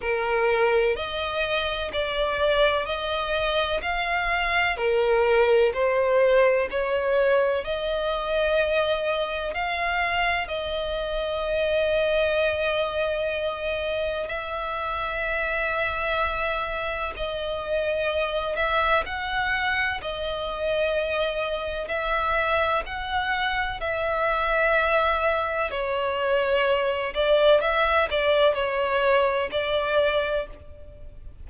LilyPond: \new Staff \with { instrumentName = "violin" } { \time 4/4 \tempo 4 = 63 ais'4 dis''4 d''4 dis''4 | f''4 ais'4 c''4 cis''4 | dis''2 f''4 dis''4~ | dis''2. e''4~ |
e''2 dis''4. e''8 | fis''4 dis''2 e''4 | fis''4 e''2 cis''4~ | cis''8 d''8 e''8 d''8 cis''4 d''4 | }